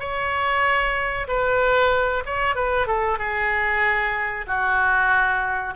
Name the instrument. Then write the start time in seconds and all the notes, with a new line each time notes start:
oboe
0.00 C#5
1.28 B4
2.26 C#5
2.56 B4
2.87 A4
3.19 G#4
4.47 F#4